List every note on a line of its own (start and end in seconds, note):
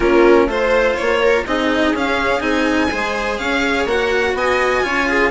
0.00 0.46 A#3
0.00 0.48 C#4
0.00 0.48 F4
0.00 0.48 A#4
0.46 0.94 A3
0.46 1.45 F4
0.46 1.22 C5
0.46 0.95 C5
0.95 1.46 A#3
0.95 1.44 C#5
1.22 1.46 A#4
1.46 1.92 C4
1.46 1.95 D#4
1.46 2.91 G#4
1.46 1.95 D#5
1.92 2.41 C#4
1.92 2.40 C#4
1.92 2.41 F5
2.40 2.89 C4
2.40 2.88 D#4
2.40 3.37 G#5
2.91 3.39 G#3
2.91 3.87 G#4
2.91 3.39 C5
3.37 3.85 C#4
3.37 4.36 C#5
3.37 3.86 F5
3.85 4.33 A#3
3.85 4.83 F#4
3.85 4.36 F#5
4.33 4.82 B3
4.33 4.84 D#5
4.33 5.31 G#5
4.83 5.31 C#4
4.83 5.31 F4
4.83 5.08 C#5
5.08 5.31 G#4